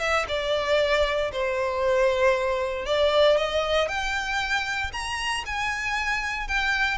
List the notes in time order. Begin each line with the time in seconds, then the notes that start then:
0.00 E5
0.28 D5
1.32 C5
2.86 D5
3.37 D#5
3.88 G5
4.93 A#5
5.46 G#5
6.48 G5